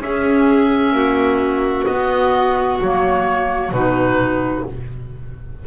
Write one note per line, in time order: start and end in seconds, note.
0.00 0.92 C#4
0.00 1.88 C#4
0.00 0.94 G#4
0.00 1.85 E5
0.92 1.84 A#3
0.92 4.63 F#4
1.85 2.80 B3
1.85 2.81 B3
1.85 2.77 D#5
2.81 3.71 F#3
2.81 3.74 A#3
2.81 3.73 C#5
3.71 4.63 B2
3.71 4.66 D#4
3.71 4.65 B4